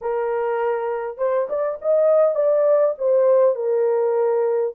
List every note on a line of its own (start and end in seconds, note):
0.01 1.17 A#4
1.17 1.47 C5
1.49 1.78 D5
1.81 2.35 D#5
2.35 2.94 D5
2.98 3.55 C5
3.55 4.74 A#4